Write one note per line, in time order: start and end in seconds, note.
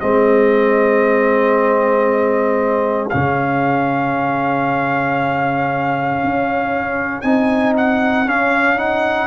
0.00 3.14 G#3
0.00 3.11 C4
0.00 9.28 G#4
0.00 3.10 D#5
3.10 6.24 C#3
3.10 7.23 C#4
3.10 7.22 F5
6.24 7.24 C#4
7.22 8.27 C4
7.22 8.27 D#4
7.22 7.74 G#5
7.78 8.29 F#5
8.27 8.77 C#4
8.27 9.28 C#4
8.27 8.79 F5
8.77 9.28 D#4
8.77 9.28 F#5